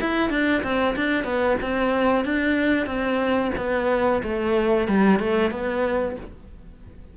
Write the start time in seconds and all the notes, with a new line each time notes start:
0.00 E4
0.30 D4
0.63 C4
0.95 D4
1.24 B3
1.62 C4
2.24 D4
2.86 C4
3.57 B3
4.23 A3
4.88 G3
5.19 A3
5.50 B3